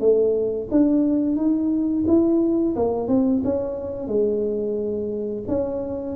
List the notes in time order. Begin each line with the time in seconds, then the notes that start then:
0.00 A3
0.71 D4
1.36 D#4
2.07 E4
2.76 A#3
3.08 C4
3.44 C#4
4.07 G#3
5.48 C#4